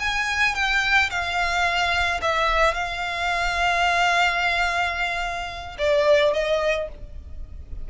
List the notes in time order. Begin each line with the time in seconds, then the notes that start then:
0.00 G#5
0.55 G5
1.11 F5
2.22 E5
2.74 F5
5.78 D5
6.34 D#5